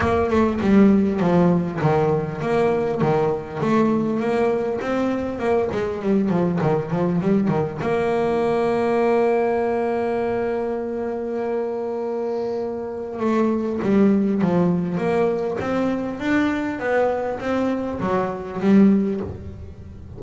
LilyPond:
\new Staff \with { instrumentName = "double bass" } { \time 4/4 \tempo 4 = 100 ais8 a8 g4 f4 dis4 | ais4 dis4 a4 ais4 | c'4 ais8 gis8 g8 f8 dis8 f8 | g8 dis8 ais2.~ |
ais1~ | ais2 a4 g4 | f4 ais4 c'4 d'4 | b4 c'4 fis4 g4 | }